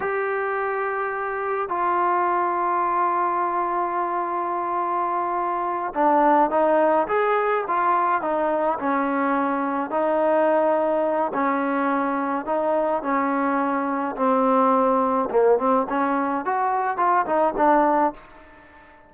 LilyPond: \new Staff \with { instrumentName = "trombone" } { \time 4/4 \tempo 4 = 106 g'2. f'4~ | f'1~ | f'2~ f'8 d'4 dis'8~ | dis'8 gis'4 f'4 dis'4 cis'8~ |
cis'4. dis'2~ dis'8 | cis'2 dis'4 cis'4~ | cis'4 c'2 ais8 c'8 | cis'4 fis'4 f'8 dis'8 d'4 | }